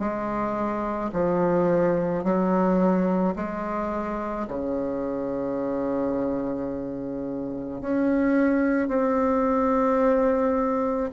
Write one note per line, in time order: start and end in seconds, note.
0.00 1.11 G#3
1.13 2.24 F3
2.24 3.35 F#3
3.36 4.47 G#3
4.48 7.81 C#3
7.81 8.88 C#4
8.88 11.11 C4